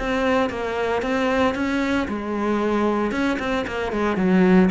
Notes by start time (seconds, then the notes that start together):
0.00 C4
0.50 A#3
1.03 C4
1.55 C#4
2.09 G#3
3.12 C#4
3.40 C4
3.67 A#3
3.93 G#3
4.17 F#3